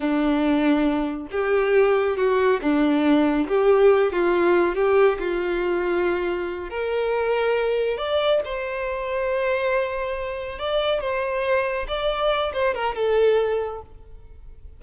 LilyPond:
\new Staff \with { instrumentName = "violin" } { \time 4/4 \tempo 4 = 139 d'2. g'4~ | g'4 fis'4 d'2 | g'4. f'4. g'4 | f'2.~ f'8 ais'8~ |
ais'2~ ais'8 d''4 c''8~ | c''1~ | c''8 d''4 c''2 d''8~ | d''4 c''8 ais'8 a'2 | }